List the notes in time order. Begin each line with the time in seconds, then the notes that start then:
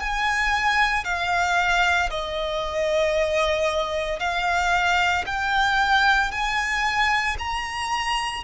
0.00 G#5
1.04 F5
2.10 D#5
4.20 F5
5.26 G5
6.32 G#5
7.39 A#5